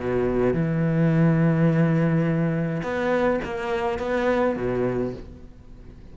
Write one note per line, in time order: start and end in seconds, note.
0.00 0.54 B2
0.54 2.83 E3
2.83 3.41 B3
3.45 3.99 A#3
3.99 4.56 B3
4.57 5.14 B2